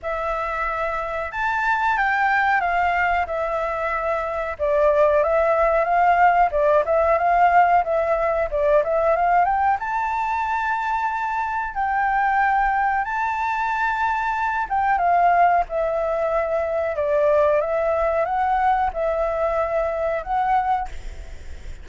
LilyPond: \new Staff \with { instrumentName = "flute" } { \time 4/4 \tempo 4 = 92 e''2 a''4 g''4 | f''4 e''2 d''4 | e''4 f''4 d''8 e''8 f''4 | e''4 d''8 e''8 f''8 g''8 a''4~ |
a''2 g''2 | a''2~ a''8 g''8 f''4 | e''2 d''4 e''4 | fis''4 e''2 fis''4 | }